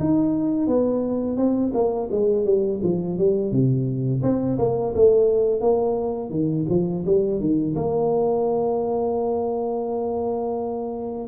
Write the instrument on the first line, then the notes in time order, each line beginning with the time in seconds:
tuba
0.00 D#4
0.67 B3
1.37 C4
1.74 A#3
2.11 G#3
2.45 G3
2.83 F3
3.18 G3
3.52 C3
4.23 C4
4.59 A#3
4.95 A3
5.61 A#3
6.30 D#3
6.69 F3
7.06 G3
7.40 D#3
7.76 A#3